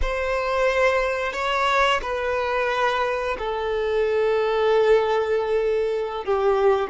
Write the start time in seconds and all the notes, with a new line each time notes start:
0.01 C5
1.32 C#5
2.02 B4
3.38 A4
6.25 G4